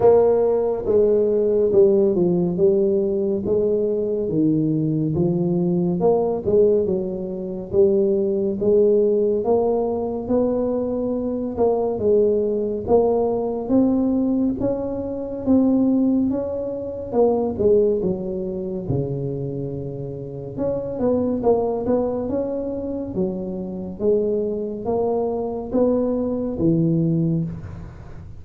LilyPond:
\new Staff \with { instrumentName = "tuba" } { \time 4/4 \tempo 4 = 70 ais4 gis4 g8 f8 g4 | gis4 dis4 f4 ais8 gis8 | fis4 g4 gis4 ais4 | b4. ais8 gis4 ais4 |
c'4 cis'4 c'4 cis'4 | ais8 gis8 fis4 cis2 | cis'8 b8 ais8 b8 cis'4 fis4 | gis4 ais4 b4 e4 | }